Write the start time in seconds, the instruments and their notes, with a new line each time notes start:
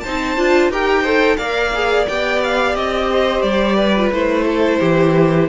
0.00 viola D#4, violin C5 A5
0.07 cello C4
0.37 cello D4, viola F4
0.69 cello D#4, viola G4, violin A#4 G5
1.02 viola A4, violin C5
1.37 cello A#3, viola A#4, violin D5 F5
1.74 viola G#4
2.07 cello B3, viola G4, violin G5
2.43 violin F5
2.74 cello C4, violin D#5
3.11 violin C5
3.41 cello G3, violin D5
3.76 violin B4
3.97 viola F4
4.12 cello A3, viola E4, violin C5
4.45 violin A4
4.80 cello E3, violin G4